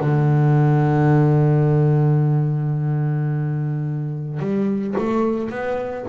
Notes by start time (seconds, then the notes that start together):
0.00 D3
4.39 G3
4.97 A3
5.50 B3